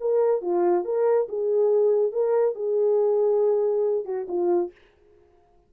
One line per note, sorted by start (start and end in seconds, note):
0.00 0.41 A#4
0.41 0.85 F4
0.85 1.28 A#4
1.29 2.12 G#4
2.12 2.55 A#4
2.55 4.05 G#4
4.05 4.27 F#4
4.28 4.71 F4